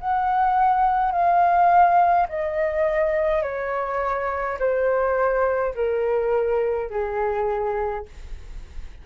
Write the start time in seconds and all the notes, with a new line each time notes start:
0.00 F#5
1.12 F5
2.29 D#5
3.42 C#5
4.59 C5
5.74 A#4
6.90 G#4